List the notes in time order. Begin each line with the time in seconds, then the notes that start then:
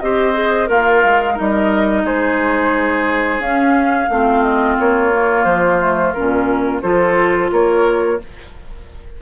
0.00 C4 G4 C5 D#5
0.34 G#4
0.66 A#3 F4 A#4 F5
1.04 G#3
1.34 G3 D#4 A#4 D#5
2.04 G#3 G#4 C5
3.39 C#4 F5
4.10 A3 C4 F4
4.43 D#5
4.80 A#3 C#5
5.12 A#3
5.44 F3 C5
5.80 A3
6.13 C#4 A#4
6.19 A#2
6.82 F3 F4 A4 C5
7.52 A#3 A#4 C#5